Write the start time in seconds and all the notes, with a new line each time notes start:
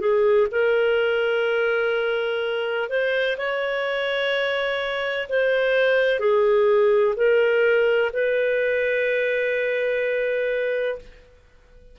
0.00 G#4
0.52 A#4
2.89 C5
3.38 C#5
5.29 C5
6.20 G#4
7.16 A#4
8.13 B4